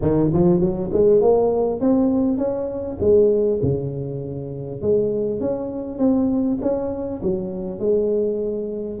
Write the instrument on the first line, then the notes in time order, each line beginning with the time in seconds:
tuba
0.01 D#3
0.33 F3
0.60 F#3
0.92 G#3
1.21 A#3
1.80 C4
2.37 C#4
3.00 G#3
3.62 C#3
4.81 G#3
5.40 C#4
5.98 C4
6.61 C#4
7.22 F#3
7.79 G#3